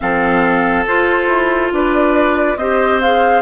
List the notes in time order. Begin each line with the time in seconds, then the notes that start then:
0.00 F3 C4 A4 F5
0.86 F4 C5
1.27 E4
1.72 D4 B4 D5
2.56 C4 G4 C5 D#5
3.01 G#4 F5